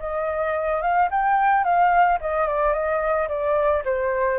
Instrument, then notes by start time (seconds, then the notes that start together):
flute
0.00 D#5
0.82 F5
1.11 G5
1.64 F5
2.21 D#5
2.48 D5
2.74 D#5
3.29 D5
3.85 C5